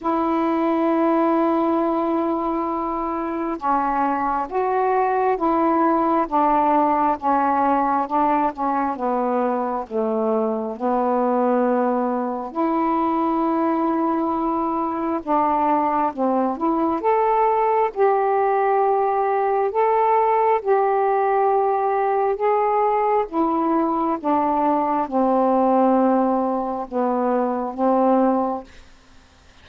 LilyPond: \new Staff \with { instrumentName = "saxophone" } { \time 4/4 \tempo 4 = 67 e'1 | cis'4 fis'4 e'4 d'4 | cis'4 d'8 cis'8 b4 a4 | b2 e'2~ |
e'4 d'4 c'8 e'8 a'4 | g'2 a'4 g'4~ | g'4 gis'4 e'4 d'4 | c'2 b4 c'4 | }